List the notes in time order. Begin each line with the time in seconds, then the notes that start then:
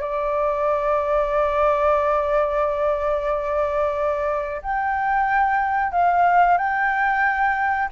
0.00 D5
4.62 G5
5.92 F5
6.57 G5